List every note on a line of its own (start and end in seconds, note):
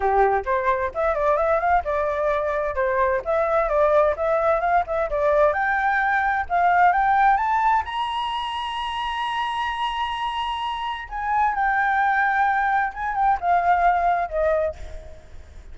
0.00 0.43 G4
0.45 0.91 C5
0.94 1.15 E5
1.15 1.37 D5
1.37 1.59 E5
1.59 1.83 F5
1.84 2.75 D5
2.75 3.21 C5
3.24 3.68 E5
3.68 4.15 D5
4.16 4.60 E5
4.60 4.83 F5
4.86 5.09 E5
5.10 5.53 D5
5.53 6.45 G5
6.49 6.92 F5
6.92 7.36 G5
7.36 7.82 A5
7.85 11.08 A#5
11.09 11.54 G#5
11.54 12.92 G5
12.93 13.15 G#5
13.15 13.38 G5
13.40 14.28 F5
14.28 14.75 D#5